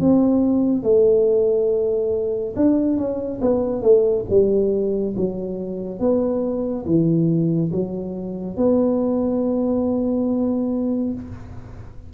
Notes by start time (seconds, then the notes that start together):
0.00 C4
0.83 A3
2.56 D4
2.97 C#4
3.41 B3
3.83 A3
4.30 G3
5.17 F#3
6.00 B3
6.86 E3
7.72 F#3
8.57 B3